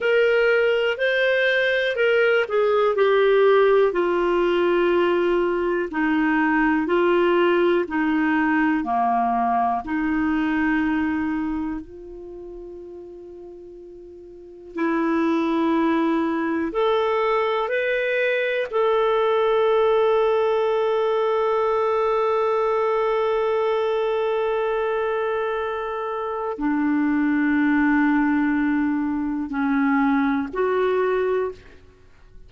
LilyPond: \new Staff \with { instrumentName = "clarinet" } { \time 4/4 \tempo 4 = 61 ais'4 c''4 ais'8 gis'8 g'4 | f'2 dis'4 f'4 | dis'4 ais4 dis'2 | f'2. e'4~ |
e'4 a'4 b'4 a'4~ | a'1~ | a'2. d'4~ | d'2 cis'4 fis'4 | }